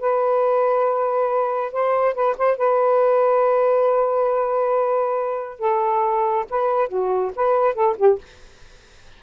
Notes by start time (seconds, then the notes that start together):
0.00 B4
1.72 C5
2.14 B4
2.37 C5
2.57 B4
5.59 A4
6.50 B4
6.88 F#4
7.35 B4
7.74 A4
7.97 G4